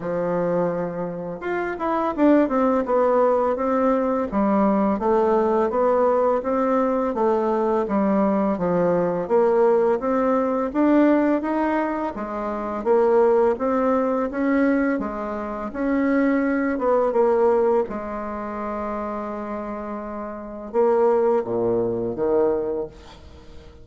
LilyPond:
\new Staff \with { instrumentName = "bassoon" } { \time 4/4 \tempo 4 = 84 f2 f'8 e'8 d'8 c'8 | b4 c'4 g4 a4 | b4 c'4 a4 g4 | f4 ais4 c'4 d'4 |
dis'4 gis4 ais4 c'4 | cis'4 gis4 cis'4. b8 | ais4 gis2.~ | gis4 ais4 ais,4 dis4 | }